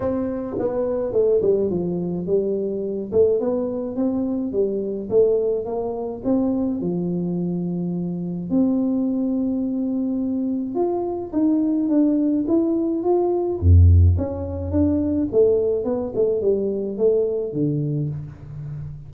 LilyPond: \new Staff \with { instrumentName = "tuba" } { \time 4/4 \tempo 4 = 106 c'4 b4 a8 g8 f4 | g4. a8 b4 c'4 | g4 a4 ais4 c'4 | f2. c'4~ |
c'2. f'4 | dis'4 d'4 e'4 f'4 | f,4 cis'4 d'4 a4 | b8 a8 g4 a4 d4 | }